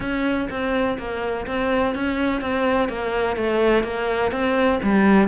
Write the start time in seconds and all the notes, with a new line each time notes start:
0.00 C#4
0.50 C4
0.98 A#3
1.46 C4
1.94 C#4
2.41 C4
2.88 A#3
3.36 A3
3.83 A#3
4.31 C4
4.82 G3